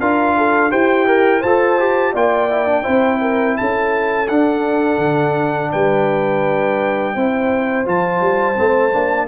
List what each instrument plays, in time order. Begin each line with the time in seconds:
0.00 tuba D4, trombone F4, horn A#4, trumpet F5
0.37 horn A4
0.71 tuba E4, horn G4, trombone C5, trumpet G5
1.07 trombone A#4
1.40 tuba F4, trombone A4, horn C5, trumpet A5
1.79 trombone G4
2.13 tuba A#3, trombone F4, horn D5, trumpet G5
2.50 trombone E4
2.66 trombone D4
2.83 tuba C4, trombone E4, horn C5
3.21 horn A#4
3.57 tuba C#4, horn A4, trumpet A5
4.28 tuba D4, trombone D4, trumpet F#5
4.98 tuba D3
5.71 tuba G3, horn B4, trumpet G5
7.15 tuba C4, trombone E4, horn C5
7.86 tuba F3, trombone F4, trumpet A5
8.21 tuba G3
8.55 tuba A3, trombone C4
8.93 tuba A#3, trombone D4